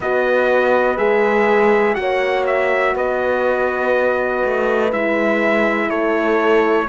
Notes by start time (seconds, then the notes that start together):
0.00 B3 F#4 B4 D#5
0.97 G#3 G#4 E5
1.94 A#3 F#4 C#5 F#5
2.46 E5
2.94 B3 B4 D#5
4.44 A3
4.91 G#3 E4 E5
5.89 A3 A4 C#5